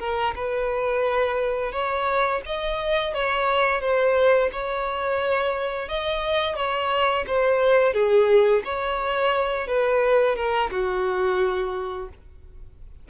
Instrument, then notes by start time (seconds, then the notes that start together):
violin
0.00 A#4
0.36 B4
1.73 C#5
2.46 D#5
3.14 C#5
3.81 C5
4.53 C#5
5.89 D#5
6.56 C#5
7.28 C5
7.94 G#4
8.65 C#5
9.68 B4
10.36 A#4
10.71 F#4